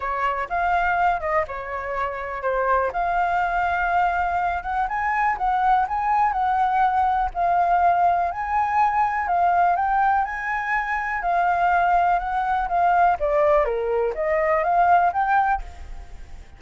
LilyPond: \new Staff \with { instrumentName = "flute" } { \time 4/4 \tempo 4 = 123 cis''4 f''4. dis''8 cis''4~ | cis''4 c''4 f''2~ | f''4. fis''8 gis''4 fis''4 | gis''4 fis''2 f''4~ |
f''4 gis''2 f''4 | g''4 gis''2 f''4~ | f''4 fis''4 f''4 d''4 | ais'4 dis''4 f''4 g''4 | }